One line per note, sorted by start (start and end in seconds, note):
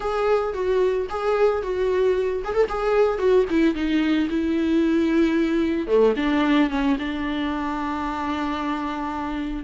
0.00 0.53 G#4
0.53 1.07 F#4
1.09 1.62 G#4
1.62 2.42 F#4
2.44 2.53 G#4
2.53 2.67 A4
2.68 3.18 G#4
3.18 3.45 F#4
3.50 3.74 E4
3.74 4.28 D#4
4.29 5.87 E4
5.87 6.13 A3
6.16 6.70 D4
6.70 6.96 C#4
6.99 9.64 D4